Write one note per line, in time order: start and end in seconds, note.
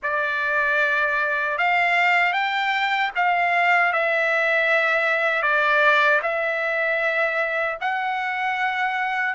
0.02 1.58 D5
1.58 2.32 F5
2.32 3.10 G5
3.15 3.92 F5
3.92 5.42 E5
5.42 6.20 D5
6.22 7.78 E5
7.81 9.34 F#5